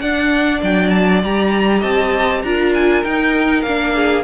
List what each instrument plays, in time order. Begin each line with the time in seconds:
0.00 cello D4, viola D4, violin D5 F#5
0.63 cello F#3, violin G5
0.90 violin A5
1.23 cello G3, viola G4, violin A#5
1.80 cello C4, violin D#5 A5
2.42 cello D4, viola F4, violin A#4 A#5
2.74 violin G#5
3.04 cello D#4, viola D#4, violin G5
3.62 cello A#3, viola D4, violin F5
3.95 violin G#4